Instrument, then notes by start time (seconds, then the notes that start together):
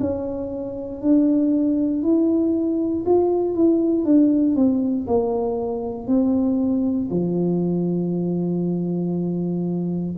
tuba
0.00 C#4
1.01 D4
2.02 E4
3.05 F4
3.55 E4
4.04 D4
4.55 C4
5.07 A#3
6.07 C4
7.10 F3